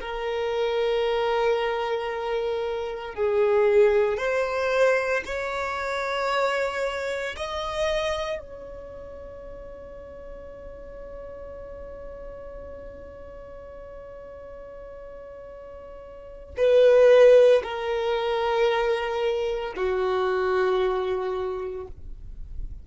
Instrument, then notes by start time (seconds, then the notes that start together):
violin
0.00 A#4
3.15 G#4
4.18 C5
5.25 C#5
7.36 D#5
8.39 C#5
16.57 B4
17.63 A#4
19.76 F#4